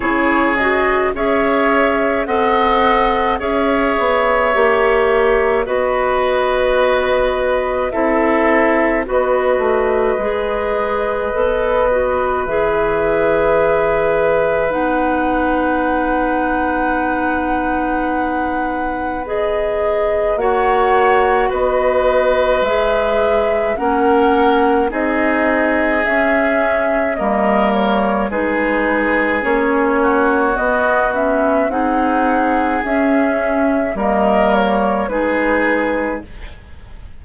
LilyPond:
<<
  \new Staff \with { instrumentName = "flute" } { \time 4/4 \tempo 4 = 53 cis''8 dis''8 e''4 fis''4 e''4~ | e''4 dis''2 e''4 | dis''2. e''4~ | e''4 fis''2.~ |
fis''4 dis''4 fis''4 dis''4 | e''4 fis''4 dis''4 e''4 | dis''8 cis''8 b'4 cis''4 dis''8 e''8 | fis''4 e''4 dis''8 cis''8 b'4 | }
  \new Staff \with { instrumentName = "oboe" } { \time 4/4 gis'4 cis''4 dis''4 cis''4~ | cis''4 b'2 a'4 | b'1~ | b'1~ |
b'2 cis''4 b'4~ | b'4 ais'4 gis'2 | ais'4 gis'4. fis'4. | gis'2 ais'4 gis'4 | }
  \new Staff \with { instrumentName = "clarinet" } { \time 4/4 e'8 fis'8 gis'4 a'4 gis'4 | g'4 fis'2 e'4 | fis'4 gis'4 a'8 fis'8 gis'4~ | gis'4 dis'2.~ |
dis'4 gis'4 fis'2 | gis'4 cis'4 dis'4 cis'4 | ais4 dis'4 cis'4 b8 cis'8 | dis'4 cis'4 ais4 dis'4 | }
  \new Staff \with { instrumentName = "bassoon" } { \time 4/4 cis4 cis'4 c'4 cis'8 b8 | ais4 b2 c'4 | b8 a8 gis4 b4 e4~ | e4 b2.~ |
b2 ais4 b4 | gis4 ais4 c'4 cis'4 | g4 gis4 ais4 b4 | c'4 cis'4 g4 gis4 | }
>>